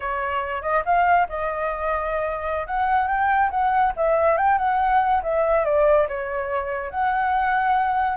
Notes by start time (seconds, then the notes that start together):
0.00 C#5
0.62 D#5
0.85 F5
1.29 D#5
2.66 F#5
3.07 G5
3.50 F#5
3.96 E5
4.37 G5
4.58 F#5
5.22 E5
5.64 D5
6.08 C#5
6.90 F#5